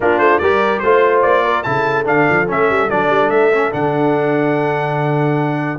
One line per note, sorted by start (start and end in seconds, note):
0.00 0.18 A#3
0.00 0.42 D4
0.00 0.40 F4
0.00 0.18 A#4
0.18 0.39 A3
0.18 0.38 C5
0.38 0.82 G3
0.38 0.84 G4
0.38 0.82 A#4
0.38 0.79 D5
0.79 1.24 A3
0.79 1.64 F4
0.79 1.20 C5
0.79 1.44 C5
1.22 1.65 A#3
1.22 1.63 D5
1.44 1.64 A#4
1.63 2.07 C#3
1.63 2.04 E4
1.63 5.78 A4
1.63 2.04 A5
2.04 2.27 D3
2.04 2.45 D4
2.04 2.48 F5
2.29 2.50 F3
2.48 2.69 A3
2.48 2.89 C#4
2.48 2.90 E5
2.69 2.90 G3
2.89 3.09 F#3
2.89 3.51 D4
2.89 3.30 D5
3.09 3.29 G3
3.29 3.71 A3
3.29 3.71 E5
3.52 3.71 C#4
3.71 5.78 D3
3.71 5.78 D4
3.71 5.78 F#5